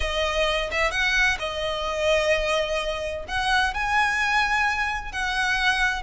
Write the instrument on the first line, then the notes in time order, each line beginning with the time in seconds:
violin
0.00 D#5
0.71 E5
0.91 F#5
1.39 D#5
3.27 F#5
3.74 G#5
5.12 F#5